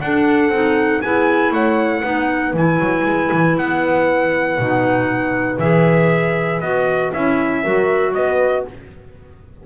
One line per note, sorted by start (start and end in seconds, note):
0.00 0.49 D4
0.00 0.52 D4
0.00 1.03 A4
0.00 1.01 F#5
0.49 0.99 C4
0.49 1.03 D#4
1.01 1.51 B3
1.01 2.03 E4
1.01 1.53 G#4
1.01 1.52 G#5
1.51 2.02 A3
1.51 2.01 C#5
1.51 2.55 F#5
2.01 2.53 B3
2.01 2.54 D#4
2.01 7.60 B4
2.53 2.78 E3
2.53 4.59 E4
2.53 3.57 G#5
2.79 3.04 F#3
3.04 3.30 G#3
3.32 3.57 E3
3.57 4.58 B3
3.57 5.59 F#5
4.58 5.58 B2
4.58 5.60 D#4
5.58 6.60 E3
5.58 6.62 G#4
5.58 6.60 E5
6.60 7.11 B3
6.60 7.12 F#4
6.60 7.11 D#5
7.13 7.64 C#4
7.13 7.64 E4
7.13 8.14 E5
7.62 8.14 F#3
7.62 8.66 F#4
7.62 8.13 A#4
8.14 8.65 B3
8.14 8.66 B4
8.14 8.65 D#5